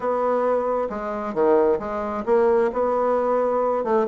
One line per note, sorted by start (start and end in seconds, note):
0.00 0.88 B3
0.89 1.33 G#3
1.33 1.79 D#3
1.79 2.24 G#3
2.25 2.70 A#3
2.72 3.83 B3
3.83 4.06 A3